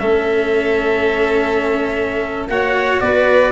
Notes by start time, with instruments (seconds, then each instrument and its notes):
0.00 tuba A3, cello C#4, violin A4, trumpet E5
2.49 tuba A#3, cello F#4, violin C#5, trumpet F#5
3.01 tuba B3, violin B4, trumpet D5